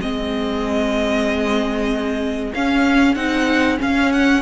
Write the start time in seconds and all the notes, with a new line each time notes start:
0.00 G#3 C4 G#4 D#5
2.54 C#4 F5
3.15 C4 D#4 F#5
3.77 C#4 F5
4.12 F#5